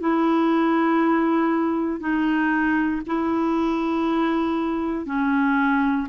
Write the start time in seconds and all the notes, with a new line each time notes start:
0.00 E4
2.00 D#4
3.06 E4
5.06 C#4